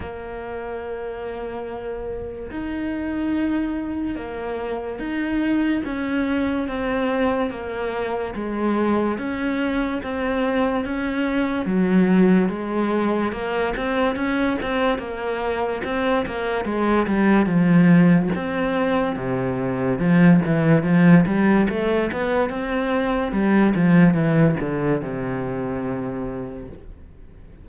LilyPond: \new Staff \with { instrumentName = "cello" } { \time 4/4 \tempo 4 = 72 ais2. dis'4~ | dis'4 ais4 dis'4 cis'4 | c'4 ais4 gis4 cis'4 | c'4 cis'4 fis4 gis4 |
ais8 c'8 cis'8 c'8 ais4 c'8 ais8 | gis8 g8 f4 c'4 c4 | f8 e8 f8 g8 a8 b8 c'4 | g8 f8 e8 d8 c2 | }